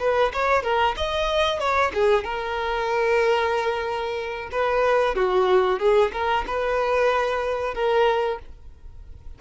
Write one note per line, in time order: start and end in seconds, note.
0.00 0.32 B4
0.33 0.63 C#5
0.63 0.96 A#4
0.97 1.60 D#5
1.60 1.92 C#5
1.94 2.24 G#4
2.24 4.50 A#4
4.52 5.16 B4
5.16 5.80 F#4
5.80 6.12 G#4
6.13 6.45 A#4
6.47 7.75 B4
7.75 8.39 A#4